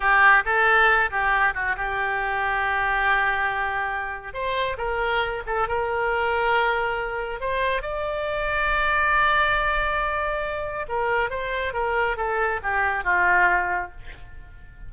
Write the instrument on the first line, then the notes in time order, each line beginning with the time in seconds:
oboe
0.00 G4
0.45 A4
1.10 G4
1.54 F#4
1.76 G4
4.33 C5
4.77 A#4
5.46 A4
5.68 A#4
7.40 C5
7.82 D5
10.88 A#4
11.29 C5
11.73 A#4
12.16 A4
12.62 G4
13.04 F4